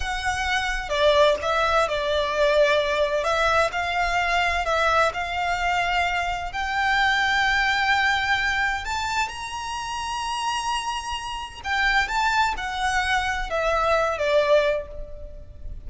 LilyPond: \new Staff \with { instrumentName = "violin" } { \time 4/4 \tempo 4 = 129 fis''2 d''4 e''4 | d''2. e''4 | f''2 e''4 f''4~ | f''2 g''2~ |
g''2. a''4 | ais''1~ | ais''4 g''4 a''4 fis''4~ | fis''4 e''4. d''4. | }